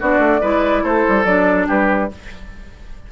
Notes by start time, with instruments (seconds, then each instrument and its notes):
0.00 bassoon B3, clarinet D4, oboe F#4, flute D5
0.19 bassoon A3
0.41 bassoon G#3, clarinet E4, oboe B4
0.84 bassoon A3, oboe A4, flute C5
1.08 bassoon G3
1.25 bassoon F#3, clarinet D4, flute D5
1.67 bassoon G3, oboe G4, flute B4